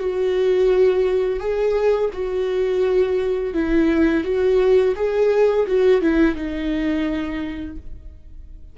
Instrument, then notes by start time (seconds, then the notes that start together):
viola
0.00 F#4
1.40 G#4
2.13 F#4
3.54 E4
4.24 F#4
4.96 G#4
5.67 F#4
6.01 E4
6.35 D#4